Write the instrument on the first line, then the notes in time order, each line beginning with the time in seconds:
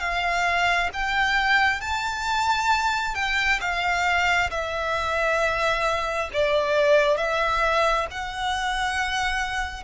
violin
0.00 F5
0.93 G5
1.81 A5
3.15 G5
3.61 F5
4.51 E5
6.33 D5
7.17 E5
8.11 F#5